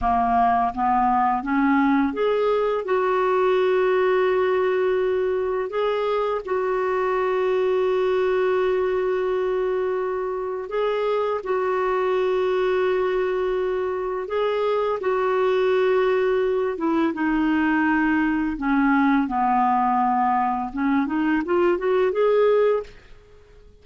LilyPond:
\new Staff \with { instrumentName = "clarinet" } { \time 4/4 \tempo 4 = 84 ais4 b4 cis'4 gis'4 | fis'1 | gis'4 fis'2.~ | fis'2. gis'4 |
fis'1 | gis'4 fis'2~ fis'8 e'8 | dis'2 cis'4 b4~ | b4 cis'8 dis'8 f'8 fis'8 gis'4 | }